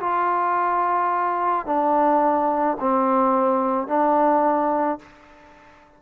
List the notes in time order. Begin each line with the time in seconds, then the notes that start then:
0.00 F4
1.66 D4
2.80 C4
3.88 D4